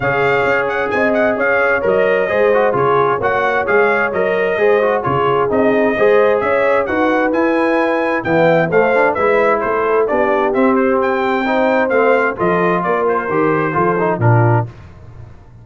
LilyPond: <<
  \new Staff \with { instrumentName = "trumpet" } { \time 4/4 \tempo 4 = 131 f''4. fis''8 gis''8 fis''8 f''4 | dis''2 cis''4 fis''4 | f''4 dis''2 cis''4 | dis''2 e''4 fis''4 |
gis''2 g''4 f''4 | e''4 c''4 d''4 e''8 c''8 | g''2 f''4 dis''4 | d''8 c''2~ c''8 ais'4 | }
  \new Staff \with { instrumentName = "horn" } { \time 4/4 cis''2 dis''4 cis''4~ | cis''4 c''4 gis'4 cis''4~ | cis''2 c''4 gis'4~ | gis'4 c''4 cis''4 b'4~ |
b'2 e''4 c''4 | b'4 a'4 g'2~ | g'4 c''2 a'4 | ais'2 a'4 f'4 | }
  \new Staff \with { instrumentName = "trombone" } { \time 4/4 gis'1 | ais'4 gis'8 fis'8 f'4 fis'4 | gis'4 ais'4 gis'8 fis'8 f'4 | dis'4 gis'2 fis'4 |
e'2 b4 a8 d'8 | e'2 d'4 c'4~ | c'4 dis'4 c'4 f'4~ | f'4 g'4 f'8 dis'8 d'4 | }
  \new Staff \with { instrumentName = "tuba" } { \time 4/4 cis4 cis'4 c'4 cis'4 | fis4 gis4 cis4 ais4 | gis4 fis4 gis4 cis4 | c'4 gis4 cis'4 dis'4 |
e'2 e4 a4 | gis4 a4 b4 c'4~ | c'2 a4 f4 | ais4 dis4 f4 ais,4 | }
>>